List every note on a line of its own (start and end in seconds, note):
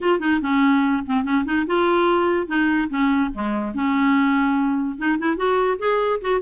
0.00 0.19 F4
0.19 0.40 D#4
0.41 1.03 C#4
1.06 1.24 C4
1.24 1.44 C#4
1.45 1.66 D#4
1.66 2.47 F4
2.47 2.88 D#4
2.89 3.30 C#4
3.33 3.74 G#3
3.74 4.97 C#4
4.97 5.18 D#4
5.18 5.36 E4
5.36 5.78 F#4
5.78 6.20 G#4
6.21 6.41 F#4